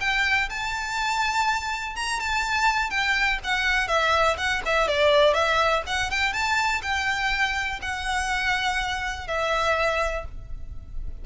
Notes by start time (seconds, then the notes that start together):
0.00 G5
0.49 A5
1.95 A#5
2.20 A5
2.90 G5
3.43 F#5
3.88 E5
4.37 F#5
4.65 E5
4.87 D5
5.33 E5
5.86 F#5
6.10 G5
6.32 A5
6.82 G5
7.81 F#5
9.27 E5